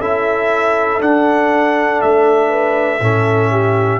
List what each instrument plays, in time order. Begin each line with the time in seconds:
0.00 tuba C#4, trombone E4, horn A4, trumpet E5
1.00 trombone D4, tuba D4, trumpet F#5
2.01 tuba A3, trumpet E5
2.49 horn B4
3.00 tuba A2, trombone C#4, horn A4
3.51 horn G4